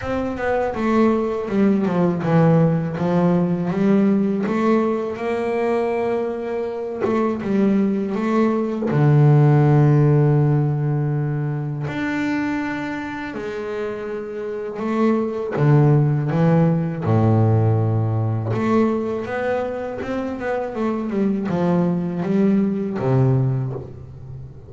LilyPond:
\new Staff \with { instrumentName = "double bass" } { \time 4/4 \tempo 4 = 81 c'8 b8 a4 g8 f8 e4 | f4 g4 a4 ais4~ | ais4. a8 g4 a4 | d1 |
d'2 gis2 | a4 d4 e4 a,4~ | a,4 a4 b4 c'8 b8 | a8 g8 f4 g4 c4 | }